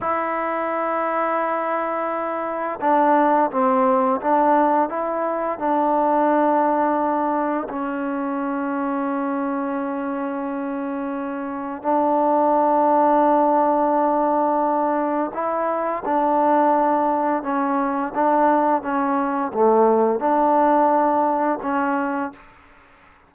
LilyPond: \new Staff \with { instrumentName = "trombone" } { \time 4/4 \tempo 4 = 86 e'1 | d'4 c'4 d'4 e'4 | d'2. cis'4~ | cis'1~ |
cis'4 d'2.~ | d'2 e'4 d'4~ | d'4 cis'4 d'4 cis'4 | a4 d'2 cis'4 | }